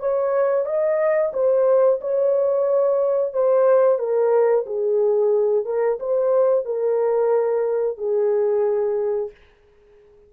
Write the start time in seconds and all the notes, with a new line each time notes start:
0.00 C#5
0.66 D#5
1.34 C5
2.01 C#5
3.34 C5
3.99 A#4
4.67 G#4
5.66 A#4
6.00 C5
6.66 A#4
7.98 G#4